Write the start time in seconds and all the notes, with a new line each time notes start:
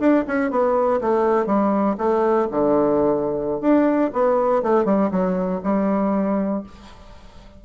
0.00 D4
0.28 C#4
0.51 B3
1.01 A3
1.47 G3
1.98 A3
2.51 D3
3.61 D4
4.14 B3
4.63 A3
4.85 G3
5.11 F#3
5.64 G3